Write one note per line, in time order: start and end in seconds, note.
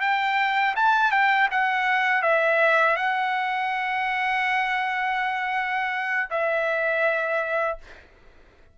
0.00 0.74 G5
0.75 1.11 A5
1.11 1.48 G5
1.51 2.22 F#5
2.22 2.96 E5
2.96 6.29 F#5
6.30 7.78 E5